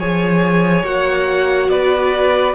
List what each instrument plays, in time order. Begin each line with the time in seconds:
0.00 cello F3, viola G#4, violin C#5 G#5
0.84 cello A#3, viola F#4, violin F#5
1.69 cello B3, violin B4 D5